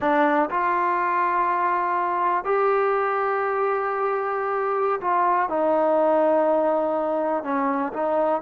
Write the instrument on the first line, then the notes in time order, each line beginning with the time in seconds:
trombone
0.00 D4
0.50 F4
2.44 G4
5.00 F4
5.49 D#4
7.43 C#4
7.93 D#4